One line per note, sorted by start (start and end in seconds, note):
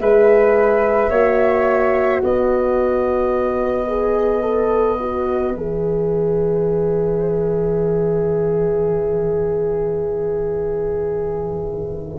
0.00 1.10 G#3
0.00 1.12 G#4
0.00 1.10 B4
0.00 2.22 E5
1.10 2.21 A#3
1.10 3.87 F#4
1.10 2.20 C#5
2.20 5.55 B3
2.20 12.19 B4
2.20 5.55 D#5
3.87 4.42 G#4
4.42 4.98 A4
5.00 5.56 F#4
5.55 12.19 E3
5.55 12.19 G#4
5.55 12.19 E5